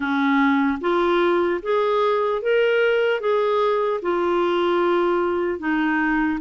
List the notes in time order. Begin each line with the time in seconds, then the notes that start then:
0.00 C#4
0.80 F4
1.62 G#4
2.41 A#4
3.20 G#4
4.02 F4
5.59 D#4